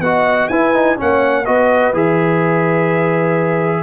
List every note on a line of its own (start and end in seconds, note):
0.00 0.48 B3
0.00 0.51 F#4
0.00 0.50 D#5
0.00 0.48 F#5
0.48 0.98 E4
0.48 0.74 E4
0.48 0.96 B4
0.48 0.96 G#5
0.74 0.97 D#4
0.96 1.45 C#4
0.96 1.44 C#5
0.96 1.45 F#5
1.02 1.47 A#3
1.45 1.93 B3
1.45 1.93 F#4
1.45 3.83 B4
1.45 1.93 D#5
1.93 3.83 E3
1.93 3.83 G#4
1.93 3.83 E5